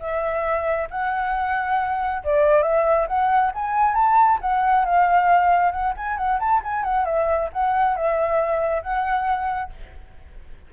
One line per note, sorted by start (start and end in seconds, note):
0.00 0.88 E5
0.91 2.23 F#5
2.24 2.63 D5
2.63 3.07 E5
3.08 3.52 F#5
3.55 3.95 G#5
3.95 4.39 A5
4.42 4.85 F#5
4.85 5.72 F5
5.72 5.94 F#5
5.97 6.17 G#5
6.17 6.40 F#5
6.40 6.62 A5
6.64 6.84 G#5
6.84 7.06 F#5
7.06 7.50 E5
7.53 7.97 F#5
7.97 8.83 E5
8.83 9.71 F#5